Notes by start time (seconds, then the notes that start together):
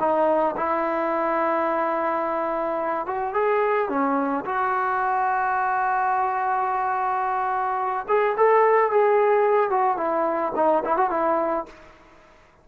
0.00 D#4
0.57 E4
3.06 F#4
3.34 G#4
3.89 C#4
4.45 F#4
8.08 G#4
8.37 A4
8.91 G#4
9.70 F#4
9.97 E4
10.56 D#4
10.85 E4
10.97 F#4
11.10 E4